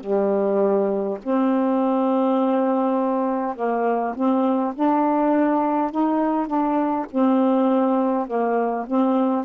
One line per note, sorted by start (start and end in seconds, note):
0.00 1.18 G3
1.23 3.56 C4
3.56 4.14 A#3
4.15 4.74 C4
4.75 5.91 D4
5.91 6.47 D#4
6.47 7.06 D4
7.11 8.27 C4
8.27 8.86 A#3
8.87 9.45 C4